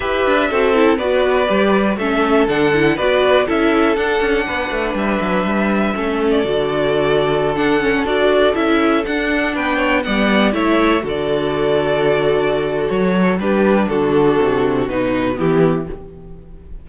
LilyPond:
<<
  \new Staff \with { instrumentName = "violin" } { \time 4/4 \tempo 4 = 121 e''2 d''2 | e''4 fis''4 d''4 e''4 | fis''2 e''2~ | e''8. d''2~ d''8 fis''8.~ |
fis''16 d''4 e''4 fis''4 g''8.~ | g''16 fis''4 e''4 d''4.~ d''16~ | d''2 cis''4 b'4 | a'2 b'4 g'4 | }
  \new Staff \with { instrumentName = "violin" } { \time 4/4 b'4 a'4 b'2 | a'2 b'4 a'4~ | a'4 b'2. | a'1~ |
a'2.~ a'16 b'8 cis''16~ | cis''16 d''4 cis''4 a'4.~ a'16~ | a'2. g'4 | fis'2. e'4 | }
  \new Staff \with { instrumentName = "viola" } { \time 4/4 g'4 fis'8 e'8 fis'4 g'4 | cis'4 d'8 e'8 fis'4 e'4 | d'1 | cis'4 fis'2~ fis'16 d'8 cis'16~ |
cis'16 fis'4 e'4 d'4.~ d'16~ | d'16 b4 e'4 fis'4.~ fis'16~ | fis'2. d'4~ | d'2 dis'4 b4 | }
  \new Staff \with { instrumentName = "cello" } { \time 4/4 e'8 d'8 c'4 b4 g4 | a4 d4 b4 cis'4 | d'8 cis'8 b8 a8 g8 fis8 g4 | a4 d2.~ |
d16 d'4 cis'4 d'4 b8.~ | b16 g4 a4 d4.~ d16~ | d2 fis4 g4 | d4 c4 b,4 e4 | }
>>